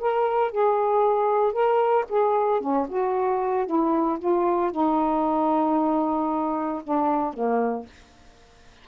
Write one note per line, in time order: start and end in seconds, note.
0.00 0.52 A#4
0.52 1.53 G#4
1.53 2.06 A#4
2.10 2.61 G#4
2.61 2.88 C#4
2.89 3.67 F#4
3.67 4.19 E4
4.20 4.72 F4
4.72 6.83 D#4
6.84 7.34 D4
7.34 7.86 A#3